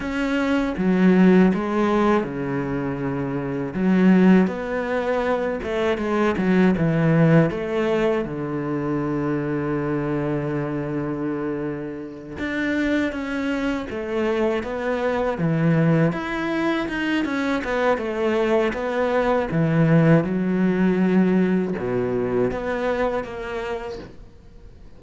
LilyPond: \new Staff \with { instrumentName = "cello" } { \time 4/4 \tempo 4 = 80 cis'4 fis4 gis4 cis4~ | cis4 fis4 b4. a8 | gis8 fis8 e4 a4 d4~ | d1~ |
d8 d'4 cis'4 a4 b8~ | b8 e4 e'4 dis'8 cis'8 b8 | a4 b4 e4 fis4~ | fis4 b,4 b4 ais4 | }